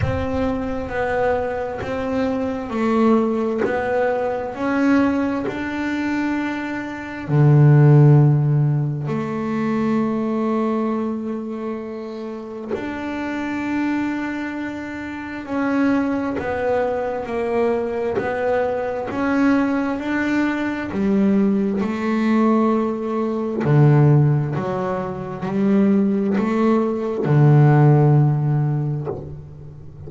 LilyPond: \new Staff \with { instrumentName = "double bass" } { \time 4/4 \tempo 4 = 66 c'4 b4 c'4 a4 | b4 cis'4 d'2 | d2 a2~ | a2 d'2~ |
d'4 cis'4 b4 ais4 | b4 cis'4 d'4 g4 | a2 d4 fis4 | g4 a4 d2 | }